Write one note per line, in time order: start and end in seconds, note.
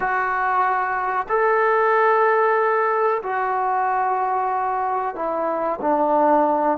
0.00 1.26 F#4
1.28 3.22 A4
3.23 5.15 F#4
5.15 5.79 E4
5.81 6.77 D4